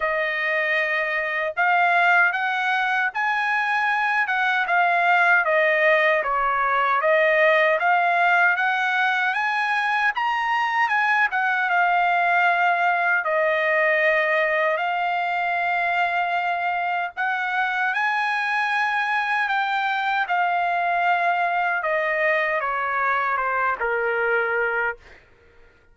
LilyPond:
\new Staff \with { instrumentName = "trumpet" } { \time 4/4 \tempo 4 = 77 dis''2 f''4 fis''4 | gis''4. fis''8 f''4 dis''4 | cis''4 dis''4 f''4 fis''4 | gis''4 ais''4 gis''8 fis''8 f''4~ |
f''4 dis''2 f''4~ | f''2 fis''4 gis''4~ | gis''4 g''4 f''2 | dis''4 cis''4 c''8 ais'4. | }